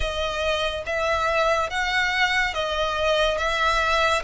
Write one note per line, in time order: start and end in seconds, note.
0.00 0.83 D#5
0.86 1.70 E5
1.70 2.54 F#5
2.54 3.37 D#5
3.37 4.22 E5